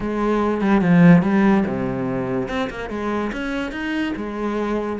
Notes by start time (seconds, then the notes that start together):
0.00 G#3
0.61 G3
0.81 F3
1.22 G3
1.66 C3
2.48 C4
2.70 A#3
2.89 G#3
3.32 C#4
3.71 D#4
4.16 G#3